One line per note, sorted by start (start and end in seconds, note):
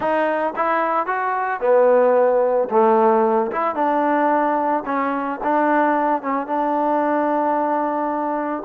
0.00 0.53 D#4
0.56 1.06 E4
1.06 1.60 F#4
1.60 2.68 B3
2.70 3.51 A3
3.51 3.75 E4
3.75 4.83 D4
4.85 5.39 C#4
5.43 6.22 D4
6.22 6.46 C#4
6.46 8.63 D4